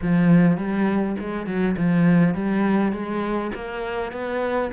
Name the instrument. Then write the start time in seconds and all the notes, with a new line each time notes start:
cello
0.02 F3
0.57 G3
1.19 G#3
1.46 F#3
1.76 F3
2.34 G3
2.92 G#3
3.54 A#3
4.12 B3